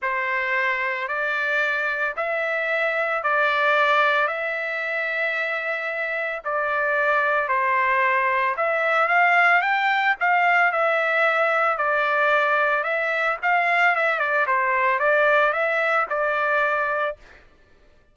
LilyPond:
\new Staff \with { instrumentName = "trumpet" } { \time 4/4 \tempo 4 = 112 c''2 d''2 | e''2 d''2 | e''1 | d''2 c''2 |
e''4 f''4 g''4 f''4 | e''2 d''2 | e''4 f''4 e''8 d''8 c''4 | d''4 e''4 d''2 | }